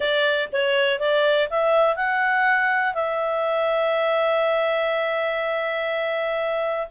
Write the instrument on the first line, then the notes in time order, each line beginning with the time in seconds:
clarinet
0.00 D5
0.52 C#5
0.99 D5
1.50 E5
1.96 F#5
2.94 E5